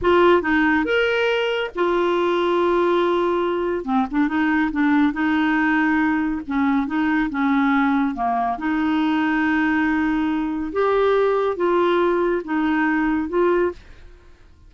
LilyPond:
\new Staff \with { instrumentName = "clarinet" } { \time 4/4 \tempo 4 = 140 f'4 dis'4 ais'2 | f'1~ | f'4 c'8 d'8 dis'4 d'4 | dis'2. cis'4 |
dis'4 cis'2 ais4 | dis'1~ | dis'4 g'2 f'4~ | f'4 dis'2 f'4 | }